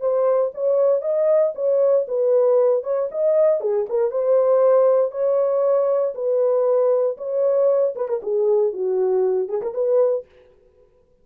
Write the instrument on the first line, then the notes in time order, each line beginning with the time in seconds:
horn
0.00 C5
0.54 C#5
1.01 D#5
1.55 C#5
2.08 B4
2.83 C#5
3.11 D#5
3.61 G#4
3.89 A#4
4.11 C5
5.11 C#5
6.14 B4
7.17 C#5
7.96 B4
8.08 A#4
8.23 G#4
8.73 F#4
9.48 G#4
9.62 A#4
9.74 B4